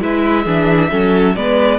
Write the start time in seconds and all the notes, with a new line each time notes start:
0.00 G#3 E4 B4 E5
0.43 E3 D4 G#4
0.90 F#3 C#4 A4
1.36 G#3 B3 B4 D5